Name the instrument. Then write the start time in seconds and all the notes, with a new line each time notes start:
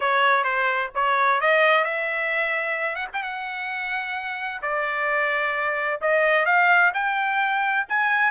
trumpet
0.00 C#5
0.44 C5
0.95 C#5
1.40 D#5
1.84 E5
2.95 F#5
3.13 G5
3.22 F#5
4.62 D5
6.01 D#5
6.45 F5
6.94 G5
7.88 G#5